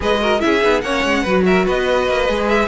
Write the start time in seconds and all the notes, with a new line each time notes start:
0.00 G#3 G#4 B4 D#5
0.20 F#4 A#4
0.39 C#4 E4 G#4 E5
0.61 B3 D#4
0.81 A#3 C#4 C#5 F#5
1.04 G#3
1.23 F#3 F#4 B4
1.45 A#4 E5
1.65 B3 B4 D#5
2.08 A#3
2.27 G#3 G#4
2.48 E5